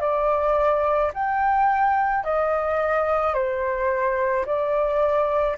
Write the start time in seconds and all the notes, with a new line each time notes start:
0.00 D5
1.13 G5
2.24 D#5
3.34 C5
4.45 D5